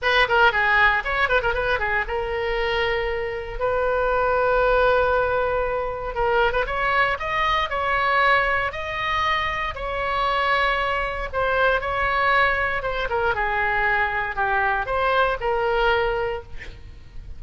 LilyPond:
\new Staff \with { instrumentName = "oboe" } { \time 4/4 \tempo 4 = 117 b'8 ais'8 gis'4 cis''8 b'16 ais'16 b'8 gis'8 | ais'2. b'4~ | b'1 | ais'8. b'16 cis''4 dis''4 cis''4~ |
cis''4 dis''2 cis''4~ | cis''2 c''4 cis''4~ | cis''4 c''8 ais'8 gis'2 | g'4 c''4 ais'2 | }